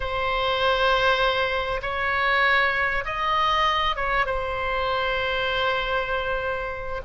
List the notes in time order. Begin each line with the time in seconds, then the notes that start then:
0.00 C5
1.82 C#5
3.05 D#5
3.96 C#5
4.26 C5